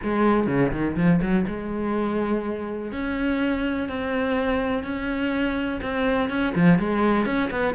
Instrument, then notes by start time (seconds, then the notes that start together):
cello
0.03 G#3
0.47 C#3
0.71 D#3
0.96 F3
1.21 F#3
1.47 G#3
2.92 C#4
3.88 C4
4.83 C#4
5.82 C4
6.29 C#4
6.55 F3
6.78 G#3
7.25 C#4
7.50 B3